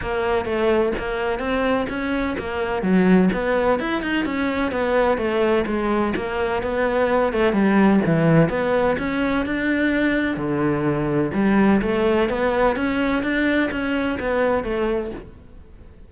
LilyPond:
\new Staff \with { instrumentName = "cello" } { \time 4/4 \tempo 4 = 127 ais4 a4 ais4 c'4 | cis'4 ais4 fis4 b4 | e'8 dis'8 cis'4 b4 a4 | gis4 ais4 b4. a8 |
g4 e4 b4 cis'4 | d'2 d2 | g4 a4 b4 cis'4 | d'4 cis'4 b4 a4 | }